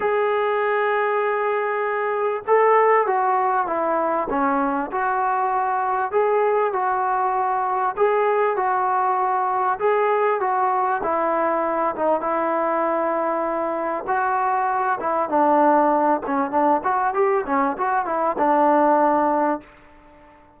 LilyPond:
\new Staff \with { instrumentName = "trombone" } { \time 4/4 \tempo 4 = 98 gis'1 | a'4 fis'4 e'4 cis'4 | fis'2 gis'4 fis'4~ | fis'4 gis'4 fis'2 |
gis'4 fis'4 e'4. dis'8 | e'2. fis'4~ | fis'8 e'8 d'4. cis'8 d'8 fis'8 | g'8 cis'8 fis'8 e'8 d'2 | }